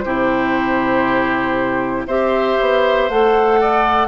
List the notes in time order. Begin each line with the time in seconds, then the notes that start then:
0.00 C3 E4 G4 C5
2.07 C4 G4 C5 E5
2.60 B3
3.09 A3 A4 F#5
3.61 D5